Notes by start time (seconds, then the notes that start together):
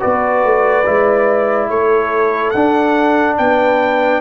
0.00 B3 F#4 B4 D5
0.45 A3
0.86 G#3 E4
1.70 A3 A4 C#5
2.51 D4 F#5
2.57 D4
3.38 B3 B4 G5